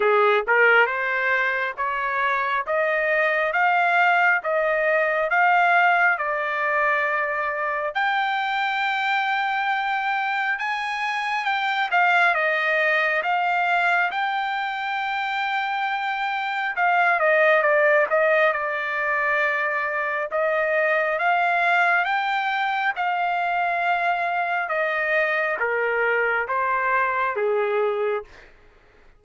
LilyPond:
\new Staff \with { instrumentName = "trumpet" } { \time 4/4 \tempo 4 = 68 gis'8 ais'8 c''4 cis''4 dis''4 | f''4 dis''4 f''4 d''4~ | d''4 g''2. | gis''4 g''8 f''8 dis''4 f''4 |
g''2. f''8 dis''8 | d''8 dis''8 d''2 dis''4 | f''4 g''4 f''2 | dis''4 ais'4 c''4 gis'4 | }